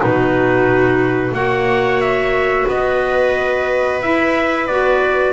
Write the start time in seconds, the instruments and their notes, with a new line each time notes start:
0.00 double bass B2, clarinet D#4, viola F#4, trumpet B4
1.32 double bass A#3, clarinet F#4, viola C#5, trumpet F#5
2.01 trumpet E5
2.67 double bass B3, viola B4, trumpet D#5
4.02 double bass E4, clarinet E4, trumpet E5
4.67 double bass B3, clarinet F#4, trumpet D5